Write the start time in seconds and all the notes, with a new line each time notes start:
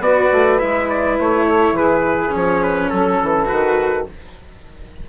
0.00 B3 F#4 B4 D5
0.33 A3
0.59 G#3 E4 E5
0.90 D5
1.20 A3 C#5
1.47 A4
1.72 E3 G#4 B4
2.30 F3 C#4
2.36 C#5
2.63 B4
2.90 F#3 A4
3.23 E3
3.45 D#3 F#4 B4